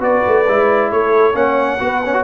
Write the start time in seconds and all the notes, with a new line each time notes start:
0.00 B3 F#4 B4 D5
0.28 A3
0.48 G#3 E4
0.92 A3 A4 C#5
1.34 A#3 C#4 C#5 F#5
1.80 B3 F#4 B4
2.06 C#4 C#5
2.14 F#4